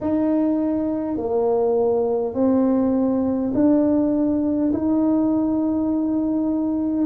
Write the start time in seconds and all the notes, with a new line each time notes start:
0.00 D#4
1.17 A#3
2.34 C4
3.53 D4
4.72 D#4